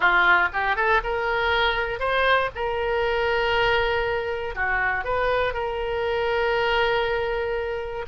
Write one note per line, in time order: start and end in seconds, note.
0.00 0.48 F4
0.53 0.76 G4
0.76 1.01 A4
1.03 1.99 A#4
1.99 2.50 C5
2.55 4.55 A#4
4.55 5.04 F#4
5.04 5.53 B4
5.53 8.05 A#4